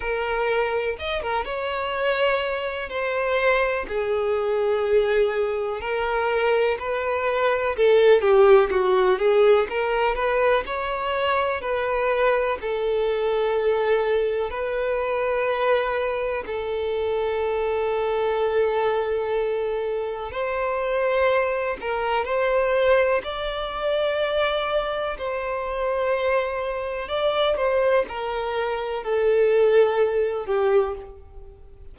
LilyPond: \new Staff \with { instrumentName = "violin" } { \time 4/4 \tempo 4 = 62 ais'4 dis''16 ais'16 cis''4. c''4 | gis'2 ais'4 b'4 | a'8 g'8 fis'8 gis'8 ais'8 b'8 cis''4 | b'4 a'2 b'4~ |
b'4 a'2.~ | a'4 c''4. ais'8 c''4 | d''2 c''2 | d''8 c''8 ais'4 a'4. g'8 | }